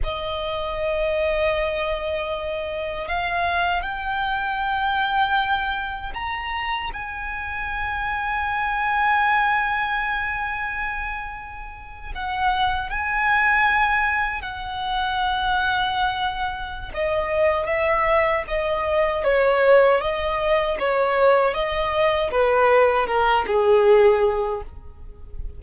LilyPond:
\new Staff \with { instrumentName = "violin" } { \time 4/4 \tempo 4 = 78 dis''1 | f''4 g''2. | ais''4 gis''2.~ | gis''2.~ gis''8. fis''16~ |
fis''8. gis''2 fis''4~ fis''16~ | fis''2 dis''4 e''4 | dis''4 cis''4 dis''4 cis''4 | dis''4 b'4 ais'8 gis'4. | }